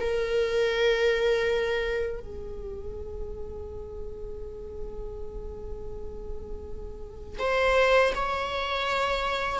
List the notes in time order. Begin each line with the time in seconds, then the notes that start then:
0.00 A#4
2.20 G#4
7.39 C5
8.15 C#5